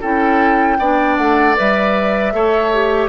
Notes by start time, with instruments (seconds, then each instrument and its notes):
0.00 bassoon C#4, clarinet E4, oboe A4, flute G5
0.78 bassoon B3, clarinet D4, oboe D5
1.17 bassoon A3, flute F#5
1.55 bassoon G3, clarinet B4, flute E5
2.32 bassoon A3, clarinet A4, oboe C#5
2.72 clarinet G4